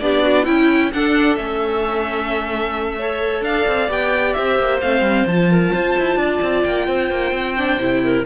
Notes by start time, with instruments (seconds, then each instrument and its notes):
0.00 cello B3, viola D4, clarinet G4, violin D5
0.22 clarinet F#4
0.42 cello C#4, clarinet E4, viola E4, violin G5
0.93 cello D4, viola D4, clarinet A4, violin F#5
1.36 cello A3, viola C#4, violin E5
2.98 viola A4, clarinet C#5
3.41 cello D4, violin F5
3.47 clarinet D5
3.68 cello C4
3.89 cello B3, viola G4, violin G5
4.33 cello C4, clarinet C5, violin E5
4.59 cello A#3
4.81 cello A3, viola C4, violin F5
5.01 cello G3
5.27 cello F3, viola F4, violin A5
5.52 clarinet A#4
5.73 cello F4, clarinet C5
5.99 cello E4
6.16 cello D4, clarinet D5
6.42 cello C4
6.63 cello A#3, violin G5
6.87 cello C4, clarinet C5
7.10 cello A#3
7.31 cello C4
7.57 viola D4
7.77 cello C3, viola E4
8.04 clarinet A#4